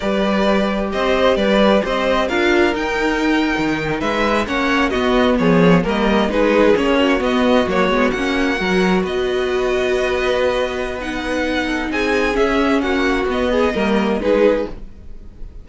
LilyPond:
<<
  \new Staff \with { instrumentName = "violin" } { \time 4/4 \tempo 4 = 131 d''2 dis''4 d''4 | dis''4 f''4 g''2~ | g''8. e''4 fis''4 dis''4 cis''16~ | cis''8. dis''4 b'4 cis''4 dis''16~ |
dis''8. cis''4 fis''2 dis''16~ | dis''1 | fis''2 gis''4 e''4 | fis''4 dis''2 b'4 | }
  \new Staff \with { instrumentName = "violin" } { \time 4/4 b'2 c''4 b'4 | c''4 ais'2.~ | ais'8. b'4 cis''4 fis'4 gis'16~ | gis'8. ais'4 gis'4. fis'8.~ |
fis'2~ fis'8. ais'4 b'16~ | b'1~ | b'4. a'8 gis'2 | fis'4. gis'8 ais'4 gis'4 | }
  \new Staff \with { instrumentName = "viola" } { \time 4/4 g'1~ | g'4 f'4 dis'2~ | dis'4.~ dis'16 cis'4 b4~ b16~ | b8. ais4 dis'4 cis'4 b16~ |
b8. ais8 b8 cis'4 fis'4~ fis'16~ | fis'1 | dis'2. cis'4~ | cis'4 b4 ais4 dis'4 | }
  \new Staff \with { instrumentName = "cello" } { \time 4/4 g2 c'4 g4 | c'4 d'4 dis'4.~ dis'16 dis16~ | dis8. gis4 ais4 b4 f16~ | f8. g4 gis4 ais4 b16~ |
b8. fis8 gis8 ais4 fis4 b16~ | b1~ | b2 c'4 cis'4 | ais4 b4 g4 gis4 | }
>>